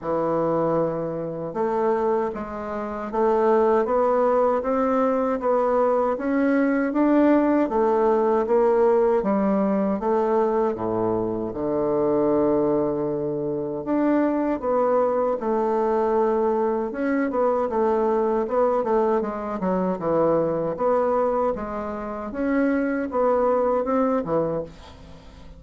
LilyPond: \new Staff \with { instrumentName = "bassoon" } { \time 4/4 \tempo 4 = 78 e2 a4 gis4 | a4 b4 c'4 b4 | cis'4 d'4 a4 ais4 | g4 a4 a,4 d4~ |
d2 d'4 b4 | a2 cis'8 b8 a4 | b8 a8 gis8 fis8 e4 b4 | gis4 cis'4 b4 c'8 e8 | }